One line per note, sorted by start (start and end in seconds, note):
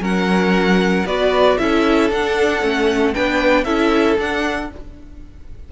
0.00 1.04 F#3
0.00 1.05 C#4
0.00 1.05 A#4
0.00 1.07 F#5
1.05 1.57 B3
1.05 1.59 F#4
1.05 1.58 B4
1.05 1.58 D5
1.58 2.10 C#4
1.58 2.11 E4
1.58 3.14 A4
1.58 2.10 E5
2.10 2.62 D4
2.10 2.61 D4
2.10 3.14 F#5
2.61 3.14 A3
2.61 3.13 C#4
3.14 3.65 B3
3.14 3.65 D4
3.14 3.64 B4
3.14 3.64 G5
3.64 4.17 C#4
3.64 4.17 E4
3.64 4.69 A4
3.64 4.16 E5
4.18 4.70 D4
4.18 4.72 F#5